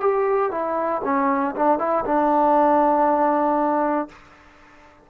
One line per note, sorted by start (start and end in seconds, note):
0.00 0.51 G4
0.51 1.02 E4
1.04 1.55 C#4
1.56 1.79 D4
1.79 2.04 E4
2.05 4.09 D4